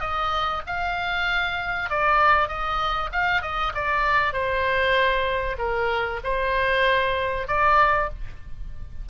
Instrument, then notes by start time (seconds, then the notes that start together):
oboe
0.00 D#5
0.66 F5
1.90 D5
2.48 D#5
3.12 F5
3.42 D#5
3.74 D5
4.33 C5
5.58 A#4
6.24 C5
7.47 D5